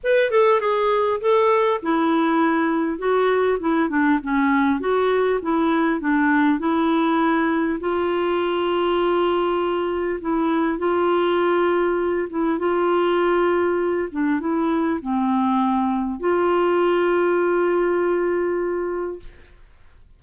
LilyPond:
\new Staff \with { instrumentName = "clarinet" } { \time 4/4 \tempo 4 = 100 b'8 a'8 gis'4 a'4 e'4~ | e'4 fis'4 e'8 d'8 cis'4 | fis'4 e'4 d'4 e'4~ | e'4 f'2.~ |
f'4 e'4 f'2~ | f'8 e'8 f'2~ f'8 d'8 | e'4 c'2 f'4~ | f'1 | }